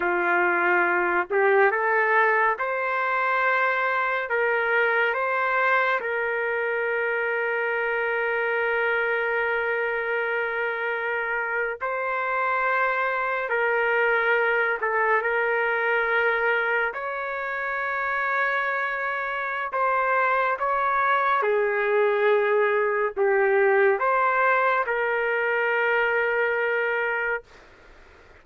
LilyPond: \new Staff \with { instrumentName = "trumpet" } { \time 4/4 \tempo 4 = 70 f'4. g'8 a'4 c''4~ | c''4 ais'4 c''4 ais'4~ | ais'1~ | ais'4.~ ais'16 c''2 ais'16~ |
ais'4~ ais'16 a'8 ais'2 cis''16~ | cis''2. c''4 | cis''4 gis'2 g'4 | c''4 ais'2. | }